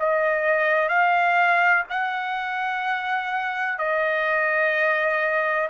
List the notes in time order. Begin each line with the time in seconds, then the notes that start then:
0.00 D#5
0.89 F5
1.90 F#5
3.79 D#5